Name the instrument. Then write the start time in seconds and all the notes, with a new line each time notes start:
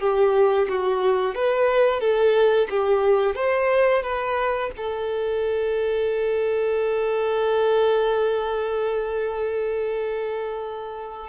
violin
0.00 G4
0.69 F#4
1.35 B4
2.00 A4
2.70 G4
3.36 C5
4.03 B4
4.77 A4